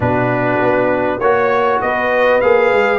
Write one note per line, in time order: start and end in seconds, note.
0.00 0.59 B2
0.00 1.20 D4
0.00 1.19 F#4
0.00 1.20 B4
0.61 1.19 B3
1.19 1.79 A#3
1.19 2.42 F#4
1.19 1.79 C#5
1.19 1.80 C#5
1.81 2.42 B3
1.81 2.99 B4
1.81 2.40 D#5
2.40 2.72 A#3
2.40 2.99 G#4
2.40 2.99 F5
2.72 2.99 G#3